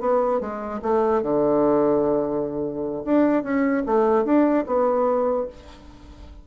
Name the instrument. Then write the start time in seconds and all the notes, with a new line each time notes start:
bassoon
0.00 B3
0.40 G#3
0.82 A3
1.22 D3
3.05 D4
3.43 C#4
3.86 A3
4.24 D4
4.66 B3